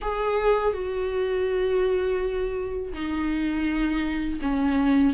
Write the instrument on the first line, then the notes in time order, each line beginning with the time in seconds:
viola
0.01 G#4
0.73 F#4
2.93 D#4
4.41 C#4